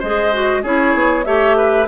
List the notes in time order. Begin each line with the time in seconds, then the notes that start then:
0.00 G#3 G#4 C5 D#5
0.33 F#4
0.63 C#4 E4 G#4 C#5
0.95 B3
1.25 A3 G4 C#5 E5
1.58 B4